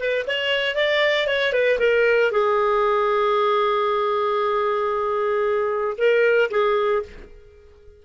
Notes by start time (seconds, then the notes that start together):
0.00 B4
0.28 C#5
0.76 D5
1.28 C#5
1.53 B4
1.80 A#4
2.32 G#4
5.98 A#4
6.51 G#4